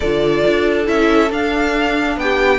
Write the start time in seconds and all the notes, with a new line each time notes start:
0.00 D3 F4 A4 D5
0.47 D4
0.86 C#4 E4 E5
1.31 D4 F5
2.16 B3 G5
2.22 G4